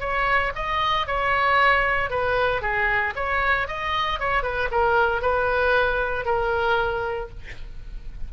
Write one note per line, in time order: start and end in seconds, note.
0.00 0.52 C#5
0.55 1.07 D#5
1.07 2.10 C#5
2.10 2.61 B4
2.61 3.14 G#4
3.15 3.68 C#5
3.68 4.19 D#5
4.19 4.43 C#5
4.43 4.69 B4
4.71 5.22 A#4
5.22 6.25 B4
6.25 7.29 A#4